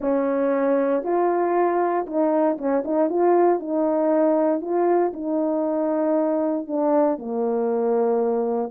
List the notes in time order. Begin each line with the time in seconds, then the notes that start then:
0.00 C#4
1.03 F4
2.06 D#4
2.58 C#4
2.84 D#4
3.09 F4
3.59 D#4
4.61 F4
5.13 D#4
6.67 D4
7.18 A#3